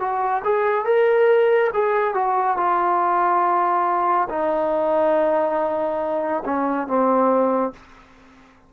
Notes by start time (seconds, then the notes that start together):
0.00 F#4
0.44 G#4
0.85 A#4
1.74 G#4
2.15 F#4
2.57 F4
4.30 D#4
6.45 C#4
6.88 C4